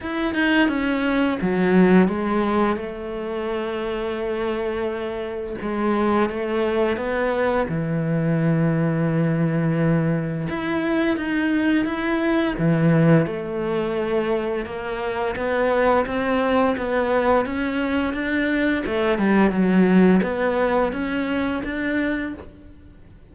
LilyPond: \new Staff \with { instrumentName = "cello" } { \time 4/4 \tempo 4 = 86 e'8 dis'8 cis'4 fis4 gis4 | a1 | gis4 a4 b4 e4~ | e2. e'4 |
dis'4 e'4 e4 a4~ | a4 ais4 b4 c'4 | b4 cis'4 d'4 a8 g8 | fis4 b4 cis'4 d'4 | }